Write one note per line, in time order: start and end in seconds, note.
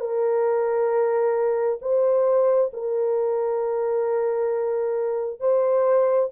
0.00 1.79 A#4
1.82 2.71 C5
2.73 5.40 A#4
5.40 6.30 C5